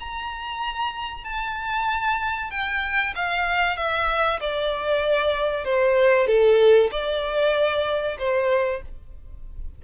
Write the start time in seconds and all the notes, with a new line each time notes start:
0.00 A#5
1.25 A5
2.51 G5
3.16 F5
3.77 E5
4.41 D5
5.65 C5
6.27 A4
6.92 D5
8.19 C5